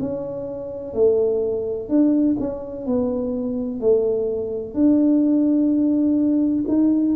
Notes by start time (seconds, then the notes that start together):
0.00 C#4
0.94 A3
1.89 D4
2.39 C#4
2.86 B3
3.81 A3
4.74 D4
6.68 D#4